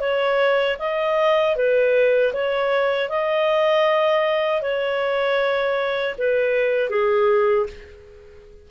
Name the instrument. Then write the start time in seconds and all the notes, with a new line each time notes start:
clarinet
0.00 C#5
0.79 D#5
1.56 B4
2.33 C#5
3.09 D#5
4.62 C#5
6.18 B4
6.90 G#4